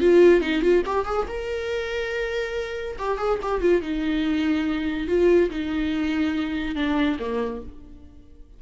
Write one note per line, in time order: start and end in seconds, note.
0.00 0.41 F4
0.41 0.62 D#4
0.62 0.83 F4
0.86 1.05 G4
1.05 1.27 G#4
1.28 2.97 A#4
2.99 3.18 G4
3.18 3.39 G#4
3.42 3.61 G4
3.61 3.82 F4
3.82 5.07 D#4
5.07 5.50 F4
5.50 6.75 D#4
6.75 7.18 D4
7.19 7.62 A#3